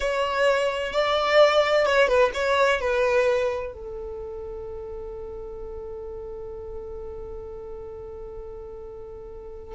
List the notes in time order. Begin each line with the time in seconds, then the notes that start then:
0.00 C#5
0.92 D5
1.85 C#5
2.08 B4
2.34 C#5
2.80 B4
3.73 A4